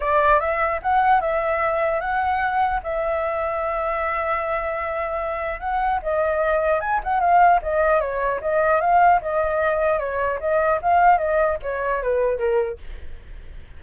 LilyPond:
\new Staff \with { instrumentName = "flute" } { \time 4/4 \tempo 4 = 150 d''4 e''4 fis''4 e''4~ | e''4 fis''2 e''4~ | e''1~ | e''2 fis''4 dis''4~ |
dis''4 gis''8 fis''8 f''4 dis''4 | cis''4 dis''4 f''4 dis''4~ | dis''4 cis''4 dis''4 f''4 | dis''4 cis''4 b'4 ais'4 | }